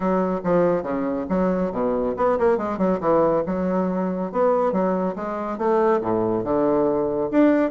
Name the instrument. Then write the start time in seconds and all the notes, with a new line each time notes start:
bassoon
0.00 F#3
0.43 F3
0.82 C#3
1.29 F#3
1.71 B2
2.16 B3
2.38 A#3
2.57 G#3
2.78 F#3
3.00 E3
3.46 F#3
4.31 B3
4.72 F#3
5.15 G#3
5.57 A3
6.01 A2
6.44 D3
7.31 D4